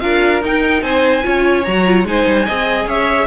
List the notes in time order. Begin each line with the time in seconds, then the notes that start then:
0.00 D4 F4 A#4 F5
0.43 D#4 G5
0.82 C4 C5 G#5
1.23 C#4 F4 C#5
1.64 F#3 F#4 A#5
1.86 F4
2.04 G#3 D#4 C5 G#5
2.27 G3
2.46 C4 G#4 D#5
2.86 C#4 C#5 E5